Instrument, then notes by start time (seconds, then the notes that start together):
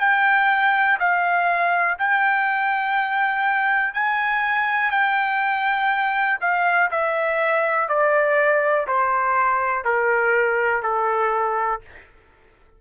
trumpet
0.00 G5
0.99 F5
1.99 G5
3.94 G#5
4.91 G5
6.40 F5
6.91 E5
7.88 D5
8.87 C5
9.84 A#4
10.82 A4